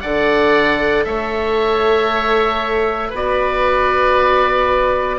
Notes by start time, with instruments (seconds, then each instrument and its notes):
0.00 bassoon D3, viola A4, oboe D5 F#5
1.04 bassoon A3, oboe C#5 E5
3.09 bassoon B3, viola F#4, oboe B4
3.15 oboe D5